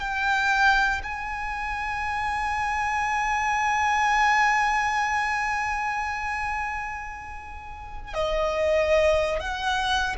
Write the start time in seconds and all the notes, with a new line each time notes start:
0.00 G5
1.03 G#5
8.14 D#5
9.40 F#5